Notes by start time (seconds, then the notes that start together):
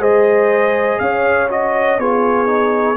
0.00 G#3 G#4 C5 D#5
0.99 C#4 C#5 F5
1.50 F#4 D#5
1.99 B3 F4 G#4 C#5
2.46 D#4